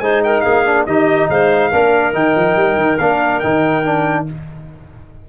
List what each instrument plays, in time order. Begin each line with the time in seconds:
0.00 tuba G#3, trombone D#4, clarinet C5, trumpet G#5
0.24 clarinet A#4, trumpet G5
0.41 tuba A#3, clarinet G#4, trumpet F5
0.66 trombone D4
0.86 tuba D#3, trombone D#4, clarinet G4, trumpet D#5
1.30 tuba G#3, clarinet C5, trumpet F5
1.71 tuba A#3, trombone D4, clarinet A#4
2.13 tuba D#3, trombone D#4, trumpet G5
2.36 tuba F3
2.56 tuba G3
2.77 tuba D#3
2.98 tuba A#3, trombone D4, trumpet F5
3.39 tuba D#3, trombone D#4, trumpet G5
3.84 trombone D4